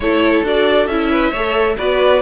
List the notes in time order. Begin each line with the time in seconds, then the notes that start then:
0.00 A3 E4 A4 C#5
0.43 D4 F#4 D5
0.86 C#4 E4 E5
1.11 B4
1.30 A3 A4 C#5
1.77 B3 F#4 B4 D5